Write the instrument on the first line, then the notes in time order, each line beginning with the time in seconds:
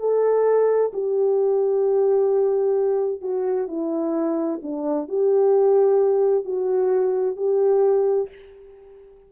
horn
0.00 A4
0.94 G4
3.22 F#4
3.68 E4
4.63 D4
5.09 G4
6.45 F#4
7.37 G4